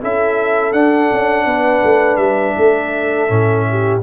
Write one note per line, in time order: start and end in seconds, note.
0.00 0.73 C#4
0.00 0.73 E4
0.00 1.46 A4
0.00 0.73 E5
0.73 1.09 D4
0.73 3.28 D4
0.73 2.16 F#5
1.12 1.45 C#4
1.45 1.82 B3
1.45 2.56 B4
1.84 2.17 A3
2.16 2.53 G3
2.16 3.99 E5
2.56 3.29 A3
2.56 3.66 A4
3.28 4.03 A2
3.28 4.01 C#4
3.70 4.03 G4